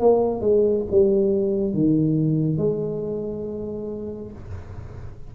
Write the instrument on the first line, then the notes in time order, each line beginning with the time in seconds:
tuba
0.00 A#3
0.41 G#3
0.91 G3
1.74 D#3
2.58 G#3